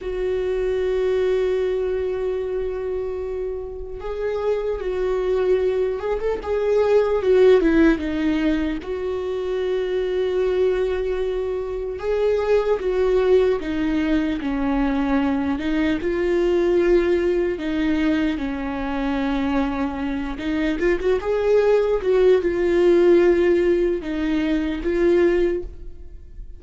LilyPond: \new Staff \with { instrumentName = "viola" } { \time 4/4 \tempo 4 = 75 fis'1~ | fis'4 gis'4 fis'4. gis'16 a'16 | gis'4 fis'8 e'8 dis'4 fis'4~ | fis'2. gis'4 |
fis'4 dis'4 cis'4. dis'8 | f'2 dis'4 cis'4~ | cis'4. dis'8 f'16 fis'16 gis'4 fis'8 | f'2 dis'4 f'4 | }